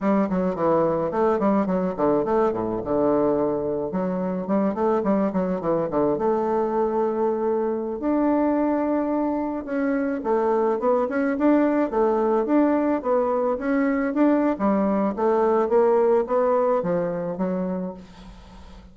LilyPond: \new Staff \with { instrumentName = "bassoon" } { \time 4/4 \tempo 4 = 107 g8 fis8 e4 a8 g8 fis8 d8 | a8 a,8 d2 fis4 | g8 a8 g8 fis8 e8 d8 a4~ | a2~ a16 d'4.~ d'16~ |
d'4~ d'16 cis'4 a4 b8 cis'16~ | cis'16 d'4 a4 d'4 b8.~ | b16 cis'4 d'8. g4 a4 | ais4 b4 f4 fis4 | }